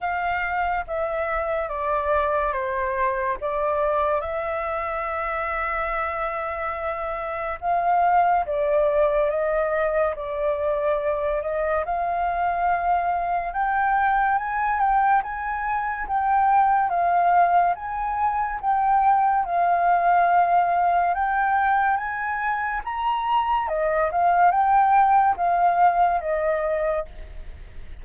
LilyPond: \new Staff \with { instrumentName = "flute" } { \time 4/4 \tempo 4 = 71 f''4 e''4 d''4 c''4 | d''4 e''2.~ | e''4 f''4 d''4 dis''4 | d''4. dis''8 f''2 |
g''4 gis''8 g''8 gis''4 g''4 | f''4 gis''4 g''4 f''4~ | f''4 g''4 gis''4 ais''4 | dis''8 f''8 g''4 f''4 dis''4 | }